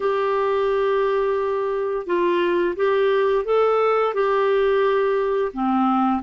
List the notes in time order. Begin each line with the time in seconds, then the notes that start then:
0.00 G4
2.06 F4
2.76 G4
3.45 A4
4.13 G4
5.53 C4